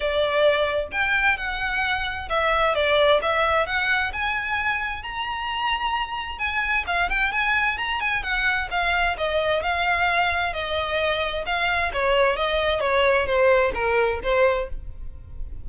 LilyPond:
\new Staff \with { instrumentName = "violin" } { \time 4/4 \tempo 4 = 131 d''2 g''4 fis''4~ | fis''4 e''4 d''4 e''4 | fis''4 gis''2 ais''4~ | ais''2 gis''4 f''8 g''8 |
gis''4 ais''8 gis''8 fis''4 f''4 | dis''4 f''2 dis''4~ | dis''4 f''4 cis''4 dis''4 | cis''4 c''4 ais'4 c''4 | }